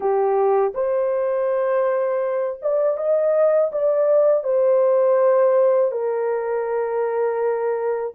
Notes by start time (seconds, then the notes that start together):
0.00 G4
0.74 C5
2.62 D5
2.97 D#5
3.72 D5
4.43 C5
5.91 A#4